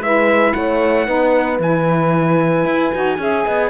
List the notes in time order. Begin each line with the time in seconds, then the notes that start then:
0.00 G#3 E4 B4 E5
0.53 A3 C#5 F#5
1.06 B3 D#4 B4
1.59 E3 E4 G#5
2.65 E4
2.94 D#4 F#4
3.18 C#4 G#4 E5
3.46 B3 D#5